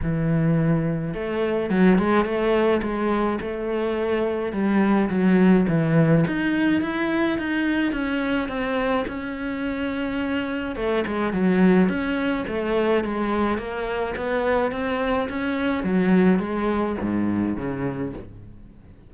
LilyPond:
\new Staff \with { instrumentName = "cello" } { \time 4/4 \tempo 4 = 106 e2 a4 fis8 gis8 | a4 gis4 a2 | g4 fis4 e4 dis'4 | e'4 dis'4 cis'4 c'4 |
cis'2. a8 gis8 | fis4 cis'4 a4 gis4 | ais4 b4 c'4 cis'4 | fis4 gis4 gis,4 cis4 | }